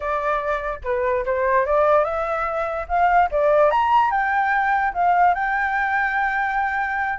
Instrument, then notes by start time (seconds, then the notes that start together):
flute
0.00 D5
0.83 B4
1.25 C5
1.65 D5
2.04 E5
2.88 F5
3.31 D5
3.70 A#5
4.10 G5
4.93 F5
5.34 G5